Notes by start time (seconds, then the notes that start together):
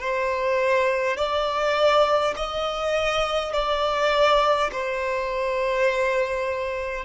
0.00 C5
1.17 D5
2.37 D#5
3.53 D5
4.72 C5